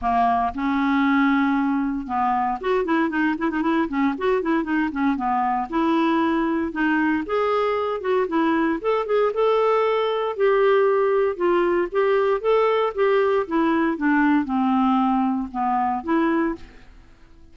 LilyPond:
\new Staff \with { instrumentName = "clarinet" } { \time 4/4 \tempo 4 = 116 ais4 cis'2. | b4 fis'8 e'8 dis'8 e'16 dis'16 e'8 cis'8 | fis'8 e'8 dis'8 cis'8 b4 e'4~ | e'4 dis'4 gis'4. fis'8 |
e'4 a'8 gis'8 a'2 | g'2 f'4 g'4 | a'4 g'4 e'4 d'4 | c'2 b4 e'4 | }